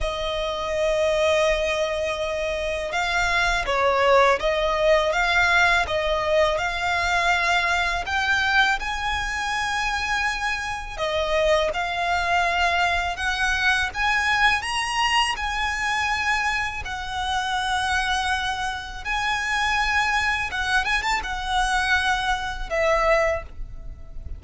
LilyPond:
\new Staff \with { instrumentName = "violin" } { \time 4/4 \tempo 4 = 82 dis''1 | f''4 cis''4 dis''4 f''4 | dis''4 f''2 g''4 | gis''2. dis''4 |
f''2 fis''4 gis''4 | ais''4 gis''2 fis''4~ | fis''2 gis''2 | fis''8 gis''16 a''16 fis''2 e''4 | }